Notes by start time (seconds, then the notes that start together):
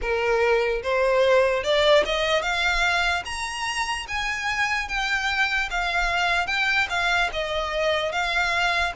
0.01 A#4
0.83 C5
1.63 D5
2.05 D#5
2.42 F5
3.25 A#5
4.08 G#5
4.88 G5
5.70 F5
6.46 G5
6.89 F5
7.32 D#5
8.12 F5